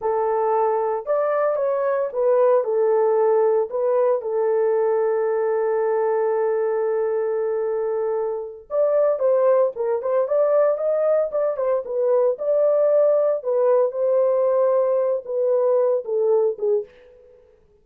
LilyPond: \new Staff \with { instrumentName = "horn" } { \time 4/4 \tempo 4 = 114 a'2 d''4 cis''4 | b'4 a'2 b'4 | a'1~ | a'1~ |
a'8 d''4 c''4 ais'8 c''8 d''8~ | d''8 dis''4 d''8 c''8 b'4 d''8~ | d''4. b'4 c''4.~ | c''4 b'4. a'4 gis'8 | }